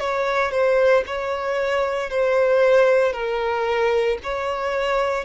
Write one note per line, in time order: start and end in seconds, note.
0.00 0.51 C#5
0.51 1.04 C5
1.07 2.10 C#5
2.10 3.13 C5
3.13 4.18 A#4
4.23 5.25 C#5